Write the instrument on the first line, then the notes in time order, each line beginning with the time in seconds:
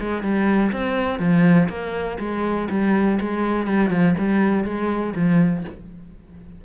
cello
0.00 G#3
0.22 G3
0.72 C4
1.19 F3
1.69 A#3
2.19 G#3
2.70 G3
3.20 G#3
3.67 G3
3.90 F3
4.18 G3
4.64 G#3
5.15 F3